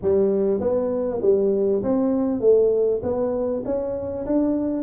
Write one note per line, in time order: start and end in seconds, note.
0.02 0.60 G3
0.60 1.21 B3
1.22 1.82 G3
1.83 2.40 C4
2.40 3.01 A3
3.02 3.63 B3
3.65 4.25 C#4
4.26 4.83 D4